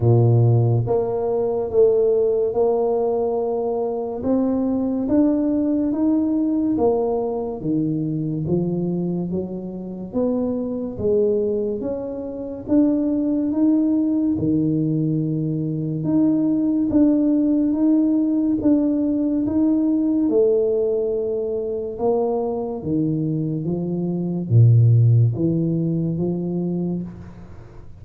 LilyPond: \new Staff \with { instrumentName = "tuba" } { \time 4/4 \tempo 4 = 71 ais,4 ais4 a4 ais4~ | ais4 c'4 d'4 dis'4 | ais4 dis4 f4 fis4 | b4 gis4 cis'4 d'4 |
dis'4 dis2 dis'4 | d'4 dis'4 d'4 dis'4 | a2 ais4 dis4 | f4 ais,4 e4 f4 | }